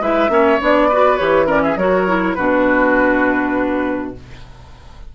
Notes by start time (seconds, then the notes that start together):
0.00 G#3 E4 B4 E5
0.29 A#3 C#4 C#5
0.60 B3 D4 D5
0.88 F#4 B4
1.17 E3 G4 C#5
1.46 C#4 A#4 D5
1.63 G#4 E5
1.76 F#3 F#4 A#4 C#5
2.07 E4
2.34 B2 D4 F#4 B4